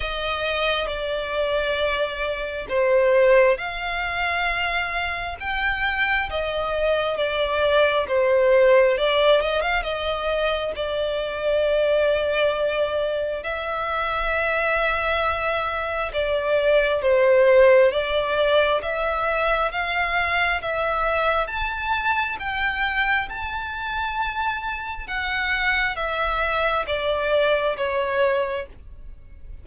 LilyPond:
\new Staff \with { instrumentName = "violin" } { \time 4/4 \tempo 4 = 67 dis''4 d''2 c''4 | f''2 g''4 dis''4 | d''4 c''4 d''8 dis''16 f''16 dis''4 | d''2. e''4~ |
e''2 d''4 c''4 | d''4 e''4 f''4 e''4 | a''4 g''4 a''2 | fis''4 e''4 d''4 cis''4 | }